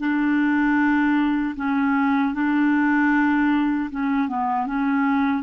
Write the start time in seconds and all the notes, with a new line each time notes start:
0.00 D4
1.57 C#4
2.34 D4
3.91 C#4
4.29 B3
4.67 C#4